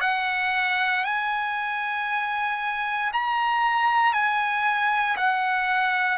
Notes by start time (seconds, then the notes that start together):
0.00 F#5
1.04 G#5
3.13 A#5
4.12 G#5
5.16 F#5